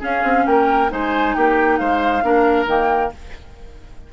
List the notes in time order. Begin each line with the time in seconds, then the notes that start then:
0.00 C#4 G#4 F5
0.24 C4
0.46 A#3 A#4 G5
0.90 G#3 D#4 C5 G#5
1.35 A#3 G4 G5
1.78 G#3 C5 F5
2.23 A#3 D4 A#4
2.67 D#3 A#3 G5